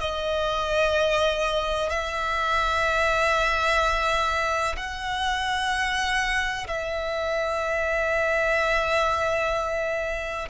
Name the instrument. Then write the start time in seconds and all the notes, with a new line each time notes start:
violin
0.00 D#5
1.90 E5
4.76 F#5
6.67 E5